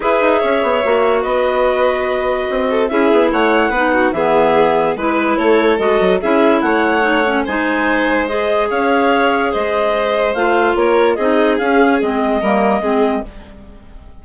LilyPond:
<<
  \new Staff \with { instrumentName = "clarinet" } { \time 4/4 \tempo 4 = 145 e''2. dis''4~ | dis''2. e''4 | fis''2 e''2 | b'4 cis''4 dis''4 e''4 |
fis''2 gis''2 | dis''4 f''2 dis''4~ | dis''4 f''4 cis''4 dis''4 | f''4 dis''2. | }
  \new Staff \with { instrumentName = "violin" } { \time 4/4 b'4 cis''2 b'4~ | b'2~ b'8 a'8 gis'4 | cis''4 b'8 fis'8 gis'2 | b'4 a'2 gis'4 |
cis''2 c''2~ | c''4 cis''2 c''4~ | c''2 ais'4 gis'4~ | gis'2 ais'4 gis'4 | }
  \new Staff \with { instrumentName = "clarinet" } { \time 4/4 gis'2 fis'2~ | fis'2. e'4~ | e'4 dis'4 b2 | e'2 fis'4 e'4~ |
e'4 dis'8 cis'8 dis'2 | gis'1~ | gis'4 f'2 dis'4 | cis'4 c'4 ais4 c'4 | }
  \new Staff \with { instrumentName = "bassoon" } { \time 4/4 e'8 dis'8 cis'8 b8 ais4 b4~ | b2 c'4 cis'8 b8 | a4 b4 e2 | gis4 a4 gis8 fis8 cis'4 |
a2 gis2~ | gis4 cis'2 gis4~ | gis4 a4 ais4 c'4 | cis'4 gis4 g4 gis4 | }
>>